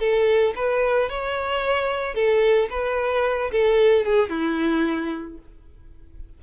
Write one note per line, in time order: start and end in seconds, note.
0.00 0.54 A4
0.56 1.10 B4
1.10 2.15 C#5
2.15 2.69 A4
2.70 3.51 B4
3.52 4.05 A4
4.05 4.30 G#4
4.30 5.38 E4